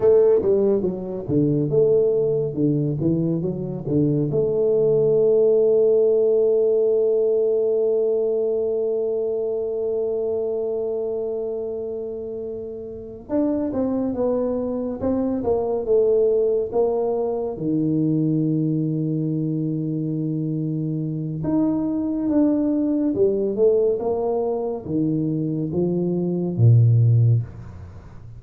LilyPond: \new Staff \with { instrumentName = "tuba" } { \time 4/4 \tempo 4 = 70 a8 g8 fis8 d8 a4 d8 e8 | fis8 d8 a2.~ | a1~ | a2.~ a8 d'8 |
c'8 b4 c'8 ais8 a4 ais8~ | ais8 dis2.~ dis8~ | dis4 dis'4 d'4 g8 a8 | ais4 dis4 f4 ais,4 | }